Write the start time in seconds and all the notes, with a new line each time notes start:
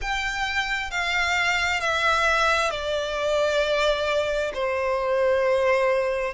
0.01 G5
0.90 F5
1.80 E5
2.70 D5
4.54 C5